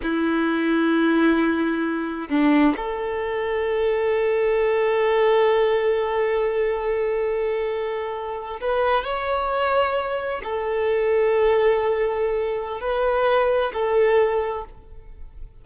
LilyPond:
\new Staff \with { instrumentName = "violin" } { \time 4/4 \tempo 4 = 131 e'1~ | e'4 d'4 a'2~ | a'1~ | a'1~ |
a'2~ a'8. b'4 cis''16~ | cis''2~ cis''8. a'4~ a'16~ | a'1 | b'2 a'2 | }